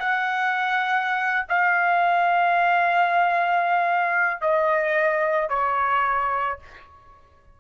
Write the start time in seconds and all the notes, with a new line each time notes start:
0.00 F#5
1.49 F5
4.42 D#5
5.49 C#5